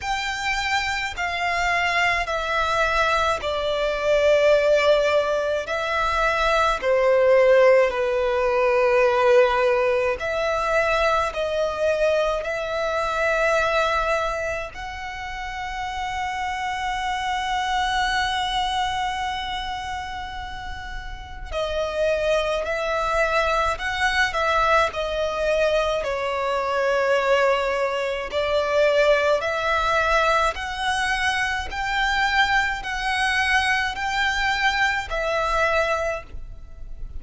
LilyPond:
\new Staff \with { instrumentName = "violin" } { \time 4/4 \tempo 4 = 53 g''4 f''4 e''4 d''4~ | d''4 e''4 c''4 b'4~ | b'4 e''4 dis''4 e''4~ | e''4 fis''2.~ |
fis''2. dis''4 | e''4 fis''8 e''8 dis''4 cis''4~ | cis''4 d''4 e''4 fis''4 | g''4 fis''4 g''4 e''4 | }